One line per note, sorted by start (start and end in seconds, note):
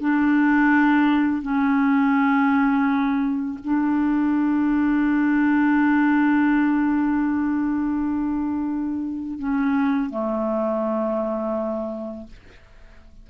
0.00 1.42 D4
1.42 3.59 C#4
3.64 9.39 D4
9.39 10.10 C#4
10.10 12.27 A3